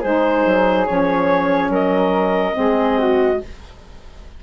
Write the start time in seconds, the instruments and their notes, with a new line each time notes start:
0.00 bassoon G#3, saxophone D#4, flute G#4, clarinet C5
0.45 bassoon F#3
0.85 bassoon F3, saxophone C#4, clarinet C#5
1.69 bassoon F#3, flute A#4, clarinet D#5
2.52 saxophone C4
2.58 bassoon G#3, flute G#4
2.98 flute F#4